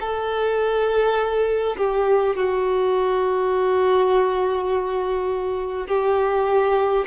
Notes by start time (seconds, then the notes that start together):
0.00 A4
1.77 G4
2.35 F#4
5.87 G4